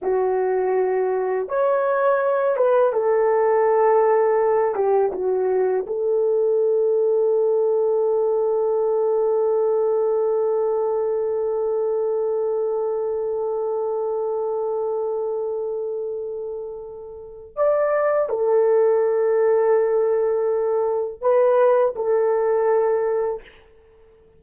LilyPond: \new Staff \with { instrumentName = "horn" } { \time 4/4 \tempo 4 = 82 fis'2 cis''4. b'8 | a'2~ a'8 g'8 fis'4 | a'1~ | a'1~ |
a'1~ | a'1 | d''4 a'2.~ | a'4 b'4 a'2 | }